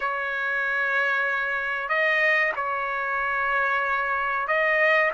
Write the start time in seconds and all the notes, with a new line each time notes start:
0.00 C#5
1.88 D#5
2.56 C#5
4.47 D#5